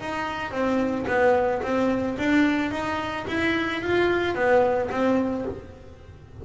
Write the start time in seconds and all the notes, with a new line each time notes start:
0.00 D#4
0.51 C4
1.07 B3
1.62 C4
2.18 D4
2.71 D#4
3.27 E4
3.81 F4
4.34 B3
4.90 C4